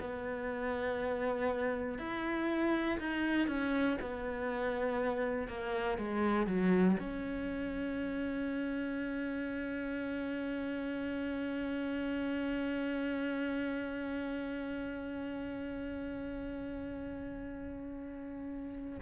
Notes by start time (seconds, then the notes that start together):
0.00 B3
1.98 E4
2.99 D#4
3.48 C#4
4.01 B3
5.48 A#3
5.98 G#3
6.47 F#3
6.99 C#4